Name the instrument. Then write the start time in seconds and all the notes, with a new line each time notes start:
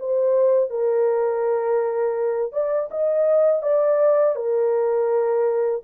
horn
0.00 C5
0.70 A#4
2.53 D5
2.91 D#5
3.63 D5
4.36 A#4